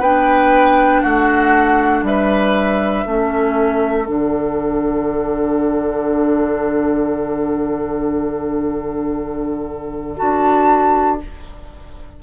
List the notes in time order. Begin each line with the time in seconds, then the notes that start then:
0.00 B3 D4 B4 G5
1.03 A3 F#4 F#5
2.03 G3 B4 E5
3.06 A3 C#4 A4
4.06 D3 D4 F#5
10.17 D4 F#4 A5